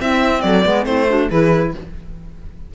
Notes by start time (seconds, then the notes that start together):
0.00 C4 E4 E5
0.41 F#3 A4 D5
0.64 G#3 B3 B4
0.84 A3 C4 E4 C5
1.08 D4 F#4
1.30 E3 E4 G#4 B4